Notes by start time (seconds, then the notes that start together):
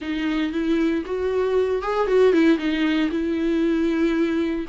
0.01 D#4
0.52 E4
1.05 F#4
1.82 G#4
2.07 F#4
2.32 E4
2.57 D#4
3.10 E4